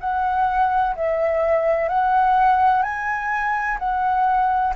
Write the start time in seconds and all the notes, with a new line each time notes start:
0.00 F#5
0.96 E5
1.89 F#5
2.82 G#5
3.79 F#5